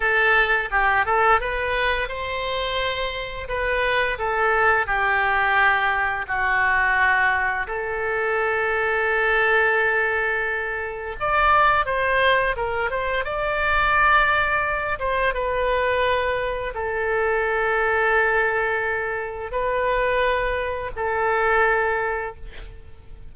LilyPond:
\new Staff \with { instrumentName = "oboe" } { \time 4/4 \tempo 4 = 86 a'4 g'8 a'8 b'4 c''4~ | c''4 b'4 a'4 g'4~ | g'4 fis'2 a'4~ | a'1 |
d''4 c''4 ais'8 c''8 d''4~ | d''4. c''8 b'2 | a'1 | b'2 a'2 | }